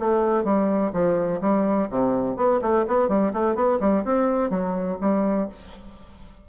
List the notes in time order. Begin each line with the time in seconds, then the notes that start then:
0.00 A3
0.44 G3
0.93 F3
1.41 G3
1.90 C3
2.37 B3
2.62 A3
2.88 B3
3.09 G3
3.34 A3
3.55 B3
3.80 G3
4.05 C4
4.50 F#3
5.01 G3